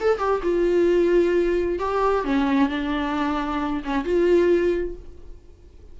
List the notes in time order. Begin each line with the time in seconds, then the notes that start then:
0.00 A4
0.18 G4
0.43 F4
1.79 G4
2.24 C#4
2.69 D4
3.84 C#4
4.05 F4